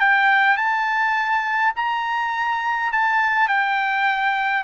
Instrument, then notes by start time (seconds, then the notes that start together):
trumpet
0.00 G5
0.57 A5
1.76 A#5
2.92 A5
3.48 G5